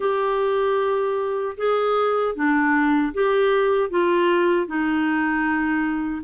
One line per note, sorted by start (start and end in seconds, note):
0.00 1.55 G4
1.57 2.35 G#4
2.35 3.13 D4
3.13 3.90 G4
3.90 4.66 F4
4.66 6.22 D#4